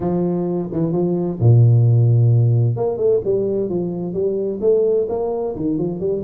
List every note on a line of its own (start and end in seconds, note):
0.00 0.69 F3
0.72 0.92 E3
0.92 1.38 F3
1.40 2.76 A#2
2.76 2.97 A#3
2.97 3.20 A3
3.24 3.69 G3
3.69 4.13 F3
4.13 4.59 G3
4.60 5.07 A3
5.09 5.55 A#3
5.55 5.78 D#3
5.78 6.00 F3
6.00 6.23 G3